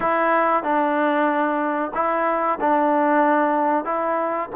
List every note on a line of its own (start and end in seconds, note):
0.00 0.63 E4
0.63 1.92 D4
1.94 2.58 E4
2.60 3.84 D4
3.84 4.49 E4